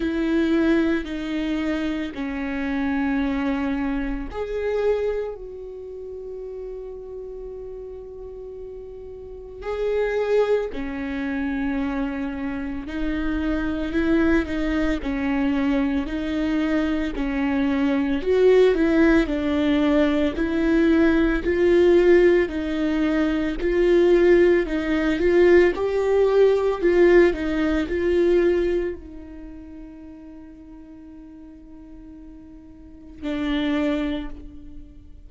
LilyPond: \new Staff \with { instrumentName = "viola" } { \time 4/4 \tempo 4 = 56 e'4 dis'4 cis'2 | gis'4 fis'2.~ | fis'4 gis'4 cis'2 | dis'4 e'8 dis'8 cis'4 dis'4 |
cis'4 fis'8 e'8 d'4 e'4 | f'4 dis'4 f'4 dis'8 f'8 | g'4 f'8 dis'8 f'4 dis'4~ | dis'2. d'4 | }